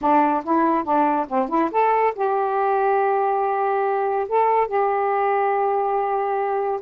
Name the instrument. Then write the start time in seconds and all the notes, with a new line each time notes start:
saxophone
0.01 D4
0.44 E4
0.84 D4
1.28 C4
1.49 E4
1.71 A4
2.15 G4
4.28 A4
4.67 G4